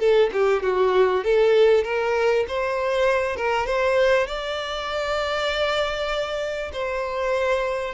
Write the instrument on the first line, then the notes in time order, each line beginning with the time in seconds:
violin
0.00 A4
0.33 G4
0.63 F#4
1.24 A4
1.85 A#4
2.49 C5
3.37 A#4
3.67 C5
4.27 D5
6.73 C5